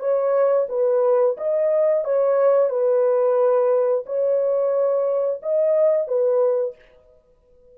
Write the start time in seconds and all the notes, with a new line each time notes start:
0.00 C#5
0.69 B4
1.38 D#5
2.05 C#5
2.70 B4
4.06 C#5
5.43 D#5
6.08 B4